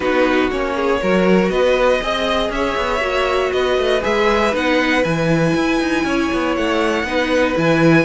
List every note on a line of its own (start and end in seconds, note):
0.00 0.50 B3
0.00 0.50 D#4
0.00 0.74 F#4
0.00 0.50 B4
0.50 1.01 A#3
0.50 1.00 C#4
0.50 1.50 C#5
0.75 1.00 G#4
1.00 1.50 F#3
1.00 2.01 F#4
1.00 1.51 A#4
1.50 2.00 B3
1.50 2.01 B4
1.50 2.50 D#5
2.01 2.49 C4
2.01 3.00 G#4
2.01 2.51 D#5
2.49 2.75 C#4
2.49 3.53 C#5
2.49 3.52 E5
2.77 3.00 B3
3.00 3.51 A#3
3.00 4.01 F#4
3.52 3.77 B3
3.52 6.05 B4
3.52 4.02 D#5
3.77 4.02 A3
4.01 4.53 G#3
4.01 4.52 G#4
4.01 4.54 E5
4.52 5.04 B3
4.52 5.03 D#4
4.52 5.04 F#5
5.04 5.54 E3
5.04 7.06 E4
5.04 6.55 G#5
5.55 5.80 E4
5.80 6.03 D#4
6.03 6.29 C#4
6.03 7.05 C#5
6.32 6.57 B3
6.56 7.03 A3
6.56 7.57 F#5
7.03 7.53 B3
7.03 7.55 D#4
7.03 8.05 B4
7.55 8.05 E3
7.55 8.05 E4
7.55 8.05 G#5